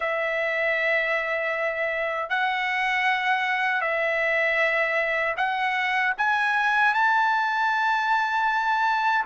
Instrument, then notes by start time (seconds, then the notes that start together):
trumpet
0.00 E5
2.29 F#5
3.81 E5
5.36 F#5
6.17 G#5
6.94 A5